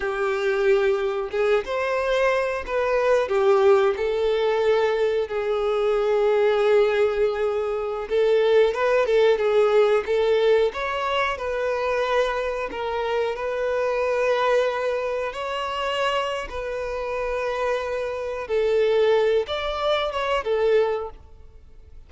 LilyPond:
\new Staff \with { instrumentName = "violin" } { \time 4/4 \tempo 4 = 91 g'2 gis'8 c''4. | b'4 g'4 a'2 | gis'1~ | gis'16 a'4 b'8 a'8 gis'4 a'8.~ |
a'16 cis''4 b'2 ais'8.~ | ais'16 b'2. cis''8.~ | cis''4 b'2. | a'4. d''4 cis''8 a'4 | }